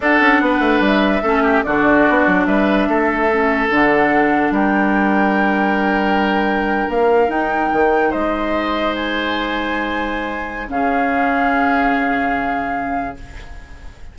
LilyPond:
<<
  \new Staff \with { instrumentName = "flute" } { \time 4/4 \tempo 4 = 146 fis''2 e''2 | d''2 e''2~ | e''4 fis''2 g''4~ | g''1~ |
g''8. f''4 g''2 dis''16~ | dis''4.~ dis''16 gis''2~ gis''16~ | gis''2 f''2~ | f''1 | }
  \new Staff \with { instrumentName = "oboe" } { \time 4/4 a'4 b'2 a'8 g'8 | fis'2 b'4 a'4~ | a'2. ais'4~ | ais'1~ |
ais'2.~ ais'8. c''16~ | c''1~ | c''2 gis'2~ | gis'1 | }
  \new Staff \with { instrumentName = "clarinet" } { \time 4/4 d'2. cis'4 | d'1 | cis'4 d'2.~ | d'1~ |
d'4.~ d'16 dis'2~ dis'16~ | dis'1~ | dis'2 cis'2~ | cis'1 | }
  \new Staff \with { instrumentName = "bassoon" } { \time 4/4 d'8 cis'8 b8 a8 g4 a4 | d4 b8 fis8 g4 a4~ | a4 d2 g4~ | g1~ |
g8. ais4 dis'4 dis4 gis16~ | gis1~ | gis2 cis2~ | cis1 | }
>>